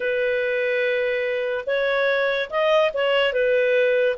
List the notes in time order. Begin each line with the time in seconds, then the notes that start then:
0.00 B4
1.66 C#5
2.50 D#5
2.93 C#5
3.33 B4